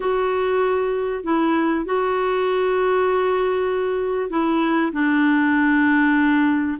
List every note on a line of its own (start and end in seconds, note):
0.00 1.23 F#4
1.23 1.85 E4
1.85 4.30 F#4
4.30 4.92 E4
4.92 6.77 D4